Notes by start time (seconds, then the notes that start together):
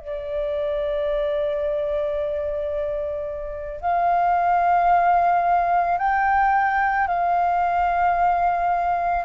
0.00 D5
3.81 F5
5.99 G5
7.08 F5